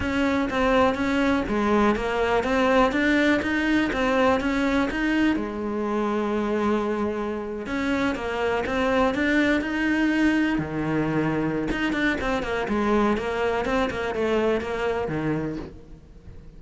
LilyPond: \new Staff \with { instrumentName = "cello" } { \time 4/4 \tempo 4 = 123 cis'4 c'4 cis'4 gis4 | ais4 c'4 d'4 dis'4 | c'4 cis'4 dis'4 gis4~ | gis2.~ gis8. cis'16~ |
cis'8. ais4 c'4 d'4 dis'16~ | dis'4.~ dis'16 dis2~ dis16 | dis'8 d'8 c'8 ais8 gis4 ais4 | c'8 ais8 a4 ais4 dis4 | }